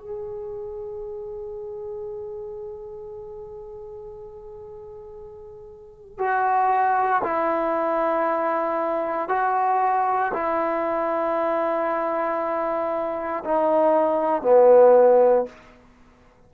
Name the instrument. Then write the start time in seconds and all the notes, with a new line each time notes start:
trombone
0.00 G#4
6.19 F#4
7.23 E4
9.29 F#4
10.34 E4
13.45 D#4
14.42 B3